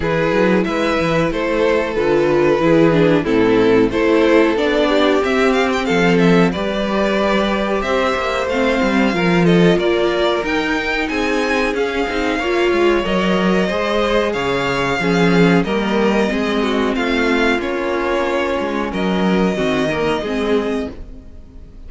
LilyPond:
<<
  \new Staff \with { instrumentName = "violin" } { \time 4/4 \tempo 4 = 92 b'4 e''4 c''4 b'4~ | b'4 a'4 c''4 d''4 | e''8 f''16 g''16 f''8 e''8 d''2 | e''4 f''4. dis''8 d''4 |
g''4 gis''4 f''2 | dis''2 f''2 | dis''2 f''4 cis''4~ | cis''4 dis''2. | }
  \new Staff \with { instrumentName = "violin" } { \time 4/4 gis'4 b'4 a'2 | gis'4 e'4 a'4. g'8~ | g'4 a'4 b'2 | c''2 ais'8 a'8 ais'4~ |
ais'4 gis'2 cis''4~ | cis''4 c''4 cis''4 gis'4 | ais'4 gis'8 fis'8 f'2~ | f'4 ais'4 fis'8 ais'8 gis'4 | }
  \new Staff \with { instrumentName = "viola" } { \time 4/4 e'2. f'4 | e'8 d'8 c'4 e'4 d'4 | c'2 g'2~ | g'4 c'4 f'2 |
dis'2 cis'8 dis'8 f'4 | ais'4 gis'2 cis'4 | ais4 c'2 cis'4~ | cis'2 c'8 ais8 c'4 | }
  \new Staff \with { instrumentName = "cello" } { \time 4/4 e8 fis8 gis8 e8 a4 d4 | e4 a,4 a4 b4 | c'4 f4 g2 | c'8 ais8 a8 g8 f4 ais4 |
dis'4 c'4 cis'8 c'8 ais8 gis8 | fis4 gis4 cis4 f4 | g4 gis4 a4 ais4~ | ais8 gis8 fis4 dis4 gis4 | }
>>